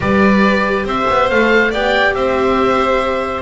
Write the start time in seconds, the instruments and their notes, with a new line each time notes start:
0.00 double bass G3, viola G4, violin B4, oboe D5
0.84 double bass C4, violin C5, oboe E5
1.09 double bass B3
1.29 double bass A3, viola A4, oboe F5
1.70 double bass B3, viola G4, violin D5, oboe G5
2.13 double bass C4, violin C5, oboe E5